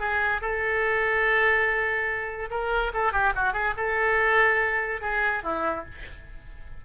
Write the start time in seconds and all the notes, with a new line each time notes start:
0.00 G#4
0.41 A4
2.51 A#4
2.94 A4
3.12 G4
3.36 F#4
3.54 G#4
3.77 A4
5.02 G#4
5.43 E4